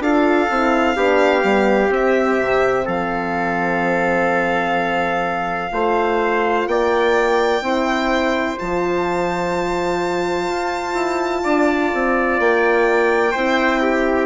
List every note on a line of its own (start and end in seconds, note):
0.00 0.48 D4
0.00 0.50 F4
0.00 0.97 A4
0.00 1.93 F5
0.50 0.96 C4
0.50 0.96 E4
0.96 1.44 B3
0.96 1.43 D4
0.96 2.86 G4
1.43 1.90 G3
1.43 1.90 B3
1.90 2.37 C4
1.90 5.72 C4
1.90 2.88 E5
2.41 2.87 C3
2.86 5.72 F3
2.86 5.71 A4
2.86 6.68 F5
5.72 6.67 A3
5.72 7.62 F4
5.72 6.68 C5
6.67 7.61 A#3
6.67 7.64 D5
6.67 8.59 G5
7.61 8.57 C4
7.61 8.58 E4
7.61 11.44 C5
8.58 10.50 F3
8.58 13.34 F4
8.58 12.40 A5
10.50 10.94 F4
10.94 11.42 E4
11.44 11.92 D4
11.44 13.32 D5
11.94 12.40 C4
12.40 13.35 A#3
12.40 14.26 G5
13.32 14.26 C4
13.32 14.26 E4
13.32 13.80 C5
13.82 14.26 G4